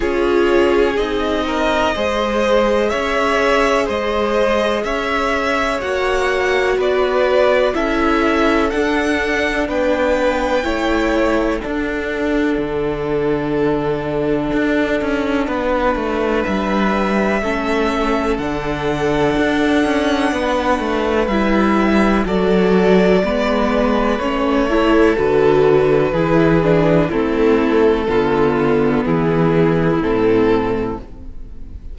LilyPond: <<
  \new Staff \with { instrumentName = "violin" } { \time 4/4 \tempo 4 = 62 cis''4 dis''2 e''4 | dis''4 e''4 fis''4 d''4 | e''4 fis''4 g''2 | fis''1~ |
fis''4 e''2 fis''4~ | fis''2 e''4 d''4~ | d''4 cis''4 b'2 | a'2 gis'4 a'4 | }
  \new Staff \with { instrumentName = "violin" } { \time 4/4 gis'4. ais'8 c''4 cis''4 | c''4 cis''2 b'4 | a'2 b'4 cis''4 | a'1 |
b'2 a'2~ | a'4 b'2 a'4 | b'4. a'4. gis'4 | e'4 f'4 e'2 | }
  \new Staff \with { instrumentName = "viola" } { \time 4/4 f'4 dis'4 gis'2~ | gis'2 fis'2 | e'4 d'2 e'4 | d'1~ |
d'2 cis'4 d'4~ | d'2 e'4 fis'4 | b4 cis'8 e'8 fis'4 e'8 d'8 | c'4 b2 c'4 | }
  \new Staff \with { instrumentName = "cello" } { \time 4/4 cis'4 c'4 gis4 cis'4 | gis4 cis'4 ais4 b4 | cis'4 d'4 b4 a4 | d'4 d2 d'8 cis'8 |
b8 a8 g4 a4 d4 | d'8 cis'8 b8 a8 g4 fis4 | gis4 a4 d4 e4 | a4 d4 e4 a,4 | }
>>